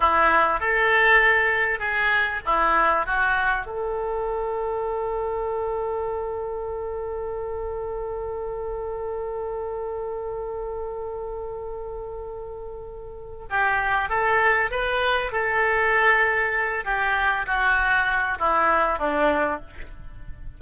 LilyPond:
\new Staff \with { instrumentName = "oboe" } { \time 4/4 \tempo 4 = 98 e'4 a'2 gis'4 | e'4 fis'4 a'2~ | a'1~ | a'1~ |
a'1~ | a'2 g'4 a'4 | b'4 a'2~ a'8 g'8~ | g'8 fis'4. e'4 d'4 | }